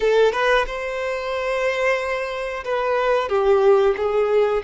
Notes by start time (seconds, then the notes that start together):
0.00 A4
0.32 B4
0.66 C5
2.64 B4
3.28 G4
3.97 G#4